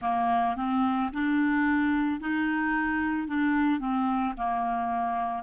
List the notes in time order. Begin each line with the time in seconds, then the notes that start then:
0.01 A#3
0.56 C4
1.12 D4
2.20 D#4
3.27 D4
3.79 C4
4.37 A#3